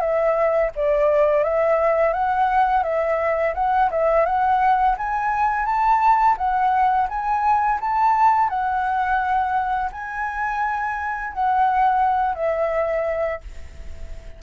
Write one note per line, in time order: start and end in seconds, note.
0.00 0.71 E5
0.76 1.44 D5
1.44 2.13 E5
2.13 2.84 F#5
2.84 3.54 E5
3.55 3.90 F#5
3.91 4.26 E5
4.26 4.96 F#5
4.98 5.66 G#5
5.66 6.36 A5
6.38 7.08 F#5
7.09 7.80 G#5
7.80 8.50 A5
8.50 9.91 F#5
9.92 11.34 G#5
11.34 12.35 F#5
12.35 13.41 E5